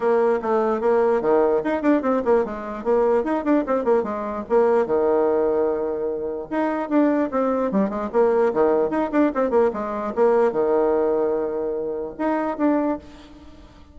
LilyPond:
\new Staff \with { instrumentName = "bassoon" } { \time 4/4 \tempo 4 = 148 ais4 a4 ais4 dis4 | dis'8 d'8 c'8 ais8 gis4 ais4 | dis'8 d'8 c'8 ais8 gis4 ais4 | dis1 |
dis'4 d'4 c'4 g8 gis8 | ais4 dis4 dis'8 d'8 c'8 ais8 | gis4 ais4 dis2~ | dis2 dis'4 d'4 | }